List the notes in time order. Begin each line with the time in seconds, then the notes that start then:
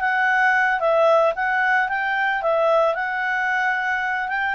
0.00 F#5
0.80 E5
1.36 F#5
1.88 G5
2.42 E5
2.95 F#5
4.28 G5